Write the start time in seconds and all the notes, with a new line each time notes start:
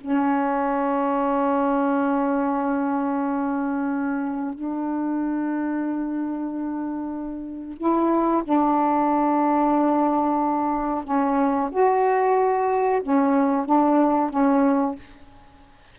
0.00 C#4
4.54 D4
7.77 E4
8.44 D4
11.04 C#4
11.71 F#4
13.02 C#4
13.65 D4
14.30 C#4